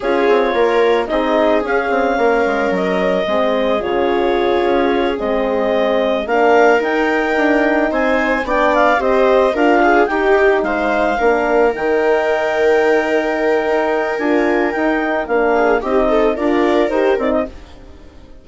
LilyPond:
<<
  \new Staff \with { instrumentName = "clarinet" } { \time 4/4 \tempo 4 = 110 cis''2 dis''4 f''4~ | f''4 dis''2 cis''4~ | cis''4. dis''2 f''8~ | f''8 g''2 gis''4 g''8 |
f''8 dis''4 f''4 g''4 f''8~ | f''4. g''2~ g''8~ | g''2 gis''4 g''4 | f''4 dis''4 d''4 c''8 d''16 dis''16 | }
  \new Staff \with { instrumentName = "viola" } { \time 4/4 gis'4 ais'4 gis'2 | ais'2 gis'2~ | gis'2.~ gis'8 ais'8~ | ais'2~ ais'8 c''4 d''8~ |
d''8 c''4 ais'8 gis'8 g'4 c''8~ | c''8 ais'2.~ ais'8~ | ais'1~ | ais'8 gis'8 g'8 a'8 ais'2 | }
  \new Staff \with { instrumentName = "horn" } { \time 4/4 f'2 dis'4 cis'4~ | cis'2 c'4 f'4~ | f'4. c'2 d'8~ | d'8 dis'2. d'8~ |
d'8 g'4 f'4 dis'4.~ | dis'8 d'4 dis'2~ dis'8~ | dis'2 f'4 dis'4 | d'4 dis'4 f'4 g'8 dis'8 | }
  \new Staff \with { instrumentName = "bassoon" } { \time 4/4 cis'8 c'8 ais4 c'4 cis'8 c'8 | ais8 gis8 fis4 gis4 cis4~ | cis8 cis'4 gis2 ais8~ | ais8 dis'4 d'4 c'4 b8~ |
b8 c'4 d'4 dis'4 gis8~ | gis8 ais4 dis2~ dis8~ | dis4 dis'4 d'4 dis'4 | ais4 c'4 d'4 dis'8 c'8 | }
>>